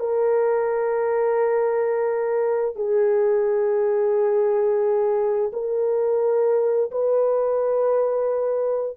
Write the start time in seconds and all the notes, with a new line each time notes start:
0.00 A#4
2.76 G#4
5.53 A#4
6.91 B4